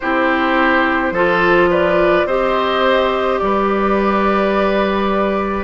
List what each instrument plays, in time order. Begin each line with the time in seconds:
0.00 bassoon C4, clarinet E4, oboe G4, flute C5
1.11 bassoon F3, clarinet F4, oboe A4
1.70 oboe B4, flute D5
2.25 bassoon C4, clarinet G4, oboe C5, flute D#5
3.38 bassoon G3, oboe B4, flute D5